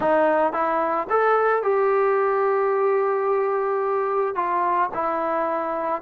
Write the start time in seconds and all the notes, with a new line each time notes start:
0.00 D#4
0.52 E4
1.09 A4
1.62 G4
4.35 F4
4.94 E4